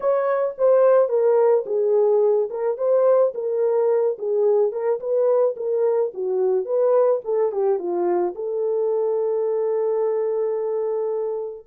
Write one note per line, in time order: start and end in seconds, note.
0.00 0.55 C#5
0.58 1.09 C5
1.09 1.64 A#4
1.66 2.49 G#4
2.49 2.77 A#4
2.77 3.33 C5
3.34 4.17 A#4
4.18 4.71 G#4
4.71 4.99 A#4
4.99 5.55 B4
5.56 6.12 A#4
6.14 6.65 F#4
6.65 7.20 B4
7.24 7.52 A4
7.52 7.78 G4
7.78 8.34 F4
8.35 11.67 A4